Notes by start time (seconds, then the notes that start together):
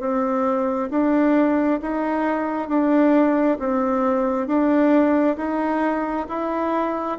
0.00 C4
0.90 D4
1.82 D#4
2.68 D4
3.59 C4
4.47 D4
5.37 D#4
6.29 E4